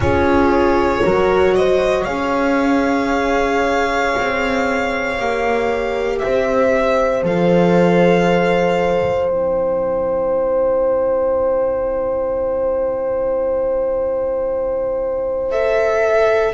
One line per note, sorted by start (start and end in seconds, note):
0.00 1.00 C#4
0.00 1.03 F4
0.00 1.03 G#4
0.00 1.54 C#5
1.03 2.07 F#3
1.03 2.06 F#4
1.03 1.55 A#4
1.54 2.04 C5
1.54 2.04 D#5
2.04 4.14 C#4
2.04 5.16 G#4
2.04 6.18 C#5
2.04 6.18 F5
4.17 5.19 C4
5.17 6.22 A#3
5.17 7.23 G4
6.19 7.23 C4
6.19 16.54 C5
6.19 7.22 E5
7.23 9.28 F3
7.23 9.30 A4
7.23 9.30 F5
9.28 16.53 C4
9.28 15.50 E4
9.28 15.50 G5
15.50 16.54 A4
15.50 16.54 E5